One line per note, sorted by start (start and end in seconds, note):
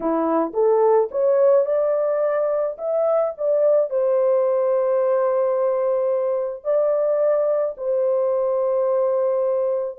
0.00 0.52 E4
0.53 1.09 A4
1.11 1.65 C#5
1.65 2.76 D5
2.78 3.33 E5
3.37 3.89 D5
3.89 6.64 C5
6.64 7.75 D5
7.77 9.98 C5